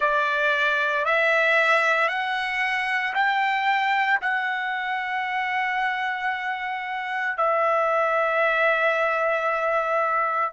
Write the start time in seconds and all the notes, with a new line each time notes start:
0.00 D5
1.05 E5
2.08 F#5
3.14 G5
4.21 F#5
7.37 E5